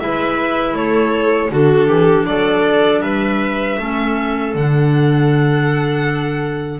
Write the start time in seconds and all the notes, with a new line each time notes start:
0.00 G#3 E4 B4 E5
0.73 A3 A4 C#5
1.51 D3 D4 F#4 A4
1.87 E3 G4
2.26 F#3 A4 D5
3.01 G3 B4 E5
3.79 A3 C#4 A4
4.55 D3 D4 F#5